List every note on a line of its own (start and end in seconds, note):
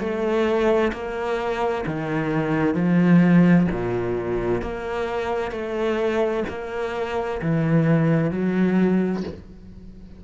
0.00 0.92 A3
0.93 1.85 A#3
1.86 2.75 D#3
2.75 3.67 F3
3.72 4.62 A#2
4.62 5.52 A#3
5.52 6.44 A3
6.49 7.41 A#3
7.42 8.31 E3
8.31 9.23 F#3